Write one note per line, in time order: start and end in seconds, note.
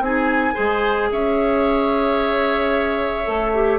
0.00 0.54 C4
0.00 0.54 D#4
0.00 0.54 G#4
0.00 1.11 G#5
0.54 1.12 G#3
0.54 3.24 G#4
0.54 1.08 C5
1.12 3.27 C#4
1.12 3.79 C#5
1.12 3.79 E5
3.24 3.79 A3
3.24 3.51 A4
3.54 3.79 G4